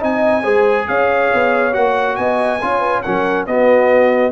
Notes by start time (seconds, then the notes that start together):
0.00 C4 D#4 D#5 G#5
0.43 G#3 G#4 C5
0.88 C#4 C#5 F5
1.34 B3
1.73 A#3 F#4 F#5
2.16 B3 D#5 G#5
2.62 C#4 F4 C#5
2.79 B4
3.03 F#3 C#4 A#4 F#5
3.46 B3 F#4 D#5